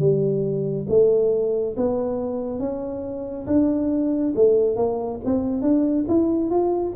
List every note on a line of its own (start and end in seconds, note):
0.00 0.87 G3
0.89 1.76 A3
1.77 2.60 B3
2.60 3.47 C#4
3.47 4.34 D4
4.36 4.77 A3
4.77 5.20 A#3
5.26 5.62 C4
5.62 6.06 D4
6.09 6.51 E4
6.51 6.94 F4